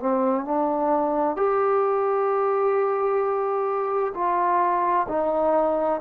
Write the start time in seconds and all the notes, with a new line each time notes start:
0.00 C4
0.45 D4
1.36 G4
4.15 F4
5.09 D#4